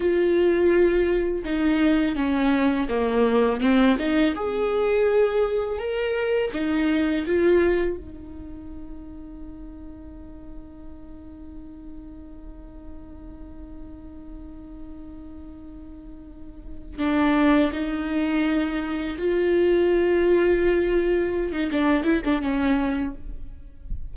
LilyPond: \new Staff \with { instrumentName = "viola" } { \time 4/4 \tempo 4 = 83 f'2 dis'4 cis'4 | ais4 c'8 dis'8 gis'2 | ais'4 dis'4 f'4 dis'4~ | dis'1~ |
dis'1~ | dis'2.~ dis'8 d'8~ | d'8 dis'2 f'4.~ | f'4.~ f'16 dis'16 d'8 e'16 d'16 cis'4 | }